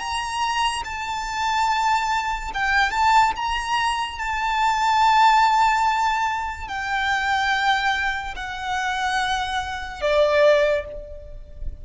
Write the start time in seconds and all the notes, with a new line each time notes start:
0.00 A#5
0.85 A5
2.55 G5
2.91 A5
3.37 A#5
4.19 A5
6.69 G5
8.36 F#5
10.02 D5